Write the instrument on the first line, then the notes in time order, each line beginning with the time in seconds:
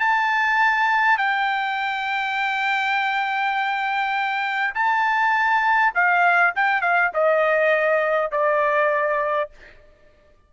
trumpet
0.00 A5
1.18 G5
4.75 A5
5.95 F5
6.56 G5
6.82 F5
7.14 D#5
8.32 D5